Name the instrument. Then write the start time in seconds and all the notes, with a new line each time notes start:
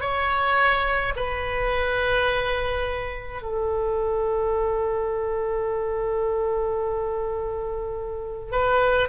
oboe
0.00 C#5
1.15 B4
3.42 A4
8.51 B4